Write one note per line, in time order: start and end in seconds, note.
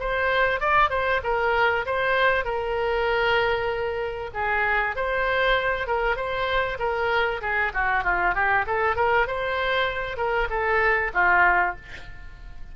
0.00 0.60 C5
0.60 0.90 D5
0.90 1.21 C5
1.24 1.86 A#4
1.86 2.45 C5
2.45 4.30 A#4
4.34 4.96 G#4
4.96 5.87 C5
5.87 6.16 A#4
6.16 6.78 C5
6.79 7.41 A#4
7.42 7.73 G#4
7.74 8.04 F#4
8.04 8.35 F4
8.35 8.66 G4
8.67 8.96 A4
8.96 9.27 A#4
9.27 10.17 C5
10.17 10.48 A#4
10.50 11.12 A4
11.14 11.76 F4